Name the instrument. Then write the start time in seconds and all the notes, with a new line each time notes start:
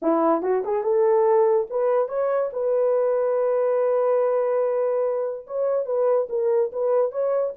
horn
0.02 E4
0.42 F#4
0.65 G#4
0.83 A4
1.70 B4
2.08 C#5
2.52 B4
5.47 C#5
5.85 B4
6.29 A#4
6.72 B4
7.11 C#5